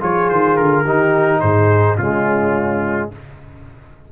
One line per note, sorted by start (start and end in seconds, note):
0.00 0.30 F3
0.00 0.84 F4
0.00 0.84 G#4
0.00 0.29 C#5
0.29 0.58 D#3
0.29 0.56 C5
0.56 0.84 D3
0.56 1.40 A#4
0.84 1.41 D#3
0.84 1.99 D#4
0.84 1.41 G4
1.40 1.97 G#2
1.40 1.98 G#4
1.40 1.96 C5
1.97 3.09 C#3
1.97 3.12 G#3
1.97 3.11 C#4
1.97 3.10 F4